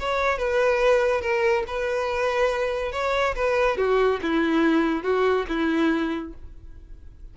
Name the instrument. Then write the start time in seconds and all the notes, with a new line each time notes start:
violin
0.00 C#5
0.38 B4
1.21 A#4
1.67 B4
2.92 C#5
3.35 B4
3.78 F#4
4.22 E4
5.03 F#4
5.49 E4